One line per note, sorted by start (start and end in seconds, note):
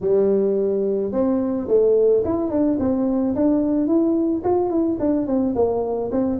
0.01 1.11 G3
1.11 1.67 C4
1.68 2.23 A3
2.24 2.50 E4
2.50 2.78 D4
2.79 3.34 C4
3.35 3.87 D4
3.87 4.42 E4
4.43 4.70 F4
4.70 4.97 E4
4.99 5.26 D4
5.26 5.54 C4
5.55 6.10 A#3
6.11 6.39 C4